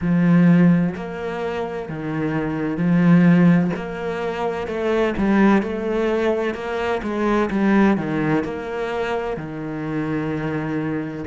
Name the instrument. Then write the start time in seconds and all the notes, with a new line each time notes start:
cello
0.01 F3
0.95 A#3
1.88 D#3
2.77 F3
3.76 A#3
4.67 A3
5.17 G3
5.62 A3
6.54 A#3
7.02 G#3
7.50 G3
7.97 D#3
8.44 A#3
9.37 D#3